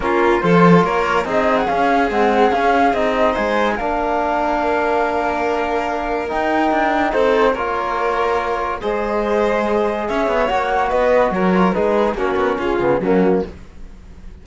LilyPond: <<
  \new Staff \with { instrumentName = "flute" } { \time 4/4 \tempo 4 = 143 ais'4 c''4 cis''4 dis''8. fis''16 | f''4 fis''4 f''4 dis''4 | gis''4 f''2.~ | f''2. g''4~ |
g''4 c''4 cis''2~ | cis''4 dis''2. | e''4 fis''4 dis''4 cis''4 | b'4 ais'4 gis'4 fis'4 | }
  \new Staff \with { instrumentName = "violin" } { \time 4/4 f'4 a'4 ais'4 gis'4~ | gis'1 | c''4 ais'2.~ | ais'1~ |
ais'4 a'4 ais'2~ | ais'4 c''2. | cis''2 b'4 ais'4 | gis'4 fis'4 f'4 cis'4 | }
  \new Staff \with { instrumentName = "trombone" } { \time 4/4 cis'4 f'2 dis'4 | cis'4 gis4 cis'4 dis'4~ | dis'4 d'2.~ | d'2. dis'4~ |
dis'2 f'2~ | f'4 gis'2.~ | gis'4 fis'2~ fis'8 f'8 | dis'4 cis'4. b8 ais4 | }
  \new Staff \with { instrumentName = "cello" } { \time 4/4 ais4 f4 ais4 c'4 | cis'4 c'4 cis'4 c'4 | gis4 ais2.~ | ais2. dis'4 |
d'4 c'4 ais2~ | ais4 gis2. | cis'8 b8 ais4 b4 fis4 | gis4 ais8 b8 cis'8 cis8 fis4 | }
>>